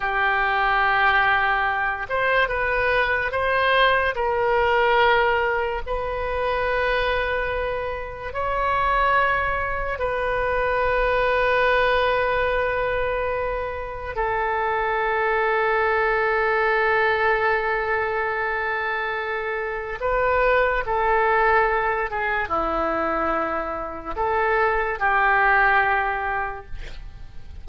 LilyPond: \new Staff \with { instrumentName = "oboe" } { \time 4/4 \tempo 4 = 72 g'2~ g'8 c''8 b'4 | c''4 ais'2 b'4~ | b'2 cis''2 | b'1~ |
b'4 a'2.~ | a'1 | b'4 a'4. gis'8 e'4~ | e'4 a'4 g'2 | }